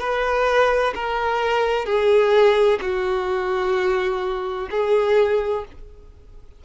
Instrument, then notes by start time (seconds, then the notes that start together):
violin
0.00 B4
0.95 A#4
1.85 G#4
2.81 F#4
4.71 G#4